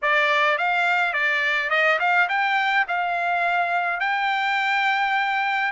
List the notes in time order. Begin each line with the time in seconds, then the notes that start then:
0.02 D5
0.58 F5
1.13 D5
1.70 D#5
1.99 F5
2.28 G5
2.88 F5
4.00 G5